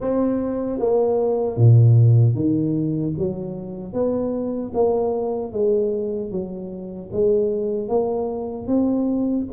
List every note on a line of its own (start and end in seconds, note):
0.00 0.79 C4
0.79 1.56 A#3
1.56 2.34 A#2
2.34 3.13 D#3
3.18 3.93 F#3
3.93 4.72 B3
4.74 5.52 A#3
5.52 6.31 G#3
6.31 7.10 F#3
7.12 7.88 G#3
7.88 8.67 A#3
8.67 9.46 C4